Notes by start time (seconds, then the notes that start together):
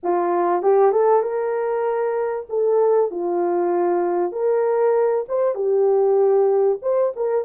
0.03 F4
0.62 G4
0.91 A4
1.22 A#4
2.49 A4
3.10 F4
4.32 A#4
5.28 C5
5.54 G4
6.82 C5
7.16 A#4